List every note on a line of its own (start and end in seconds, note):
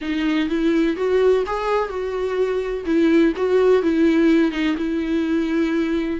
0.01 0.49 D#4
0.49 0.96 E4
0.96 1.44 F#4
1.46 1.89 G#4
1.89 2.84 F#4
2.85 3.33 E4
3.36 3.82 F#4
3.82 4.51 E4
4.51 4.75 D#4
4.77 6.19 E4